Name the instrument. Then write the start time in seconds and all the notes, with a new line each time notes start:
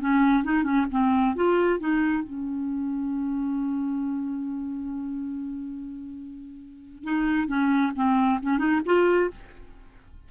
clarinet
0.00 C#4
0.44 D#4
0.63 C#4
0.91 C4
1.35 F4
1.79 D#4
2.23 C#4
7.03 D#4
7.47 C#4
7.95 C4
8.42 C#4
8.58 D#4
8.85 F4